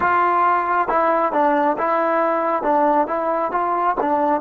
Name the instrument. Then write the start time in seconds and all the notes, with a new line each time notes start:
trombone
0.00 F4
0.88 E4
1.32 D4
1.78 E4
2.62 D4
3.07 E4
3.51 F4
4.00 D4